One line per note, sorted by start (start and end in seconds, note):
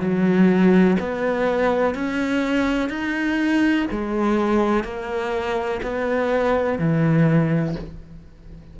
0.00 0.97 F#3
0.99 1.94 B3
1.94 2.89 C#4
2.89 3.86 D#4
3.91 4.83 G#3
4.83 5.80 A#3
5.82 6.78 B3
6.78 7.75 E3